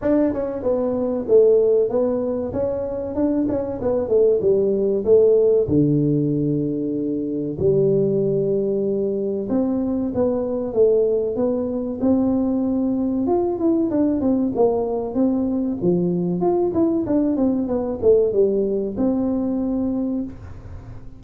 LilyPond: \new Staff \with { instrumentName = "tuba" } { \time 4/4 \tempo 4 = 95 d'8 cis'8 b4 a4 b4 | cis'4 d'8 cis'8 b8 a8 g4 | a4 d2. | g2. c'4 |
b4 a4 b4 c'4~ | c'4 f'8 e'8 d'8 c'8 ais4 | c'4 f4 f'8 e'8 d'8 c'8 | b8 a8 g4 c'2 | }